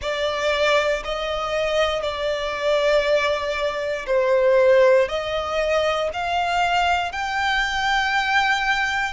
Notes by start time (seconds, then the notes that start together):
0.01 D5
1.04 D#5
2.02 D5
4.06 C5
5.08 D#5
6.12 F5
7.12 G5